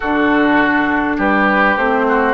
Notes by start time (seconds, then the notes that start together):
0.00 D3 D4 F#4 A4
1.17 G3 G4 B4
1.77 A3 C4 C5
2.08 F#4